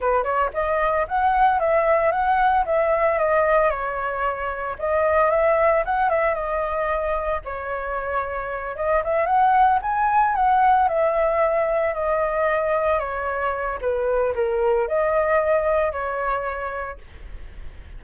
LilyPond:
\new Staff \with { instrumentName = "flute" } { \time 4/4 \tempo 4 = 113 b'8 cis''8 dis''4 fis''4 e''4 | fis''4 e''4 dis''4 cis''4~ | cis''4 dis''4 e''4 fis''8 e''8 | dis''2 cis''2~ |
cis''8 dis''8 e''8 fis''4 gis''4 fis''8~ | fis''8 e''2 dis''4.~ | dis''8 cis''4. b'4 ais'4 | dis''2 cis''2 | }